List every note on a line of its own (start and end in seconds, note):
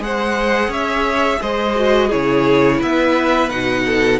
0.00 0.69 G#3
0.00 1.75 G#4
0.00 0.70 C5
0.00 0.73 F#5
0.69 1.38 C#4
0.69 1.39 C#5
0.69 1.43 E5
1.42 2.12 G#3
1.42 2.08 C5
1.42 2.12 D#5
1.76 2.11 F#4
2.08 2.82 C#3
2.08 3.50 E4
2.08 2.77 G#4
2.08 2.81 C#5
2.78 3.51 B3
2.78 3.83 B4
2.78 3.50 E5
3.50 4.20 B2
3.50 4.20 D#4
3.50 4.20 F#5
3.86 4.20 A4